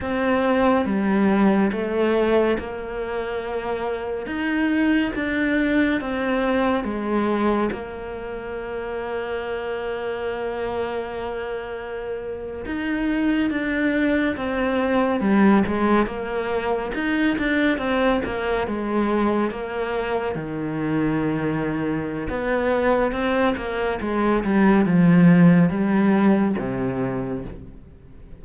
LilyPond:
\new Staff \with { instrumentName = "cello" } { \time 4/4 \tempo 4 = 70 c'4 g4 a4 ais4~ | ais4 dis'4 d'4 c'4 | gis4 ais2.~ | ais2~ ais8. dis'4 d'16~ |
d'8. c'4 g8 gis8 ais4 dis'16~ | dis'16 d'8 c'8 ais8 gis4 ais4 dis16~ | dis2 b4 c'8 ais8 | gis8 g8 f4 g4 c4 | }